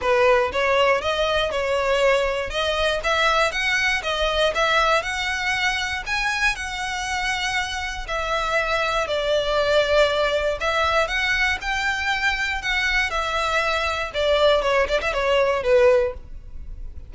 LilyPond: \new Staff \with { instrumentName = "violin" } { \time 4/4 \tempo 4 = 119 b'4 cis''4 dis''4 cis''4~ | cis''4 dis''4 e''4 fis''4 | dis''4 e''4 fis''2 | gis''4 fis''2. |
e''2 d''2~ | d''4 e''4 fis''4 g''4~ | g''4 fis''4 e''2 | d''4 cis''8 d''16 e''16 cis''4 b'4 | }